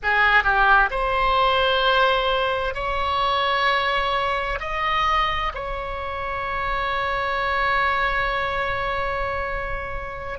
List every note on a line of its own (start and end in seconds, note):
0.03 0.43 G#4
0.43 0.89 G4
0.90 2.74 C5
2.74 4.59 C#5
4.59 5.52 D#5
5.54 10.38 C#5